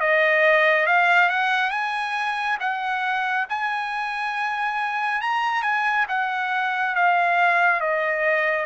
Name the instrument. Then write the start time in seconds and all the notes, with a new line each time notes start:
trumpet
0.00 D#5
0.87 F5
1.30 F#5
1.71 G#5
2.60 F#5
3.49 G#5
5.22 A#5
5.63 G#5
6.09 F#5
6.95 F5
7.81 D#5